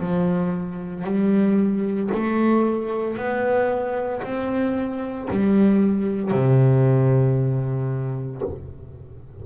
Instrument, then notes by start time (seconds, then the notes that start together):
double bass
0.00 F3
1.04 G3
2.14 A3
3.17 B3
4.23 C4
5.30 G3
6.31 C3